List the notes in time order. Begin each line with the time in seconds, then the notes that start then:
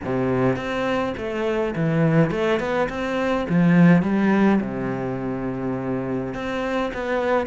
0.04 C3
0.56 C4
1.17 A3
1.75 E3
2.31 A3
2.59 B3
2.89 C4
3.49 F3
4.02 G3
4.60 C3
6.34 C4
6.93 B3